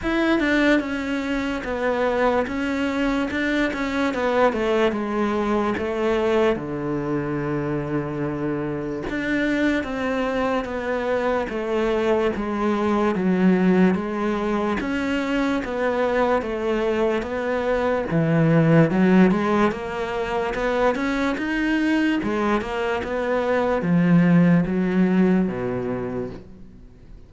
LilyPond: \new Staff \with { instrumentName = "cello" } { \time 4/4 \tempo 4 = 73 e'8 d'8 cis'4 b4 cis'4 | d'8 cis'8 b8 a8 gis4 a4 | d2. d'4 | c'4 b4 a4 gis4 |
fis4 gis4 cis'4 b4 | a4 b4 e4 fis8 gis8 | ais4 b8 cis'8 dis'4 gis8 ais8 | b4 f4 fis4 b,4 | }